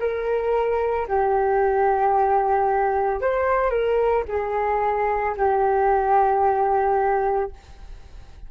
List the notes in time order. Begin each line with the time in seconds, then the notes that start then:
0.00 A#4
1.08 G4
3.21 C5
3.70 A#4
4.28 G#4
5.37 G4